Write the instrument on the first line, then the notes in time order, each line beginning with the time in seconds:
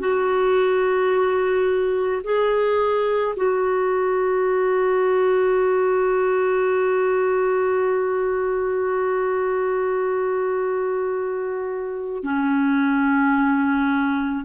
clarinet
0.00 F#4
2.24 G#4
3.37 F#4
12.24 C#4